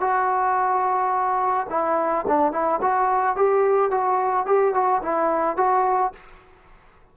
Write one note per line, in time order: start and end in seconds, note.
0.00 1.67 F#4
1.69 2.25 E4
2.28 2.52 D4
2.52 2.80 E4
2.81 3.36 F#4
3.36 3.90 G4
3.90 4.46 F#4
4.46 4.73 G4
4.73 5.01 F#4
5.02 5.57 E4
5.57 6.12 F#4